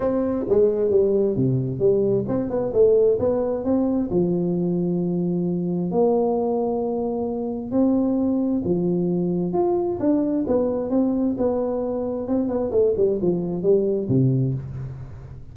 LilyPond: \new Staff \with { instrumentName = "tuba" } { \time 4/4 \tempo 4 = 132 c'4 gis4 g4 c4 | g4 c'8 b8 a4 b4 | c'4 f2.~ | f4 ais2.~ |
ais4 c'2 f4~ | f4 f'4 d'4 b4 | c'4 b2 c'8 b8 | a8 g8 f4 g4 c4 | }